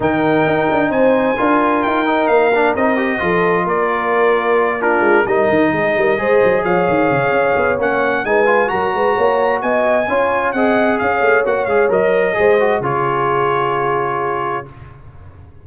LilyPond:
<<
  \new Staff \with { instrumentName = "trumpet" } { \time 4/4 \tempo 4 = 131 g''2 gis''2 | g''4 f''4 dis''2 | d''2~ d''8 ais'4 dis''8~ | dis''2~ dis''8 f''4.~ |
f''4 fis''4 gis''4 ais''4~ | ais''4 gis''2 fis''4 | f''4 fis''8 f''8 dis''2 | cis''1 | }
  \new Staff \with { instrumentName = "horn" } { \time 4/4 ais'2 c''4 ais'4~ | ais'2. a'4 | ais'2~ ais'8 f'4 ais'8~ | ais'8 gis'8 ais'8 c''4 cis''4.~ |
cis''2 b'4 ais'8 b'8 | cis''4 dis''4 cis''4 dis''4 | cis''2. c''4 | gis'1 | }
  \new Staff \with { instrumentName = "trombone" } { \time 4/4 dis'2. f'4~ | f'8 dis'4 d'8 dis'8 g'8 f'4~ | f'2~ f'8 d'4 dis'8~ | dis'4. gis'2~ gis'8~ |
gis'4 cis'4 dis'8 f'8 fis'4~ | fis'2 f'4 gis'4~ | gis'4 fis'8 gis'8 ais'4 gis'8 fis'8 | f'1 | }
  \new Staff \with { instrumentName = "tuba" } { \time 4/4 dis4 dis'8 d'8 c'4 d'4 | dis'4 ais4 c'4 f4 | ais2. gis8 g8 | dis8 gis8 g8 gis8 fis8 f8 dis8 cis8 |
cis'8 b8 ais4 gis4 fis8 gis8 | ais4 b4 cis'4 c'4 | cis'8 a8 ais8 gis8 fis4 gis4 | cis1 | }
>>